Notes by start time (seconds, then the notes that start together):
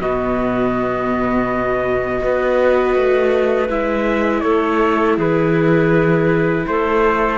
0.00 B2 B3 F#4 D#5
2.20 B3 F#4 B4
2.96 A3
3.69 G#3 E4 E5
4.41 A3 A4 C#5
5.17 E3 G#4 B4
6.68 A3 A4 C5